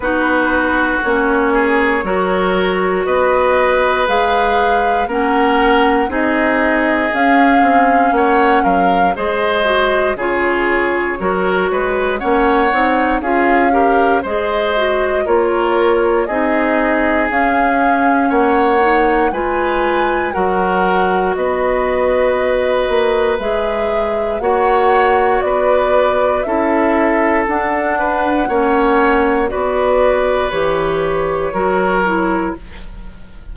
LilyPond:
<<
  \new Staff \with { instrumentName = "flute" } { \time 4/4 \tempo 4 = 59 b'4 cis''2 dis''4 | f''4 fis''4 dis''4 f''4 | fis''8 f''8 dis''4 cis''2 | fis''4 f''4 dis''4 cis''4 |
dis''4 f''4 fis''4 gis''4 | fis''4 dis''2 e''4 | fis''4 d''4 e''4 fis''4~ | fis''4 d''4 cis''2 | }
  \new Staff \with { instrumentName = "oboe" } { \time 4/4 fis'4. gis'8 ais'4 b'4~ | b'4 ais'4 gis'2 | cis''8 ais'8 c''4 gis'4 ais'8 b'8 | cis''4 gis'8 ais'8 c''4 ais'4 |
gis'2 cis''4 b'4 | ais'4 b'2. | cis''4 b'4 a'4. b'8 | cis''4 b'2 ais'4 | }
  \new Staff \with { instrumentName = "clarinet" } { \time 4/4 dis'4 cis'4 fis'2 | gis'4 cis'4 dis'4 cis'4~ | cis'4 gis'8 fis'8 f'4 fis'4 | cis'8 dis'8 f'8 g'8 gis'8 fis'8 f'4 |
dis'4 cis'4. dis'8 f'4 | fis'2. gis'4 | fis'2 e'4 d'4 | cis'4 fis'4 g'4 fis'8 e'8 | }
  \new Staff \with { instrumentName = "bassoon" } { \time 4/4 b4 ais4 fis4 b4 | gis4 ais4 c'4 cis'8 c'8 | ais8 fis8 gis4 cis4 fis8 gis8 | ais8 c'8 cis'4 gis4 ais4 |
c'4 cis'4 ais4 gis4 | fis4 b4. ais8 gis4 | ais4 b4 cis'4 d'4 | ais4 b4 e4 fis4 | }
>>